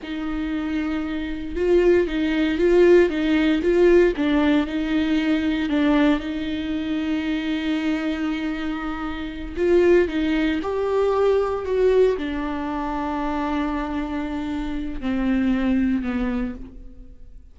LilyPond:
\new Staff \with { instrumentName = "viola" } { \time 4/4 \tempo 4 = 116 dis'2. f'4 | dis'4 f'4 dis'4 f'4 | d'4 dis'2 d'4 | dis'1~ |
dis'2~ dis'8 f'4 dis'8~ | dis'8 g'2 fis'4 d'8~ | d'1~ | d'4 c'2 b4 | }